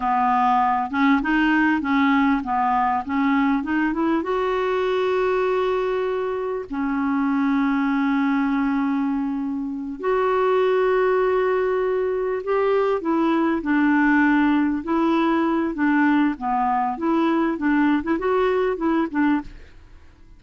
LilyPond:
\new Staff \with { instrumentName = "clarinet" } { \time 4/4 \tempo 4 = 99 b4. cis'8 dis'4 cis'4 | b4 cis'4 dis'8 e'8 fis'4~ | fis'2. cis'4~ | cis'1~ |
cis'8 fis'2.~ fis'8~ | fis'8 g'4 e'4 d'4.~ | d'8 e'4. d'4 b4 | e'4 d'8. e'16 fis'4 e'8 d'8 | }